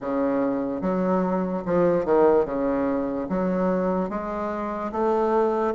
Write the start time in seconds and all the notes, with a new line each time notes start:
0.00 C#3
0.81 F#3
1.65 F3
2.05 D#3
2.45 C#3
3.29 F#3
4.09 G#3
4.91 A3